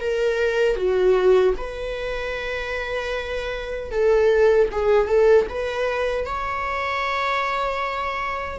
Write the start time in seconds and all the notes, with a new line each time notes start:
0.00 A#4
0.76 F#4
1.57 B4
3.91 A4
4.71 G#4
5.07 A4
5.49 B4
6.25 C#5